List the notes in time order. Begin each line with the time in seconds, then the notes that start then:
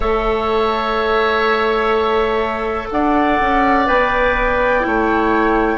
0.00 A3 A4 C#5 E5
2.91 D4 D5 F#5
3.40 C#4
3.85 B3 B4 G5
4.80 A3 E4 C#5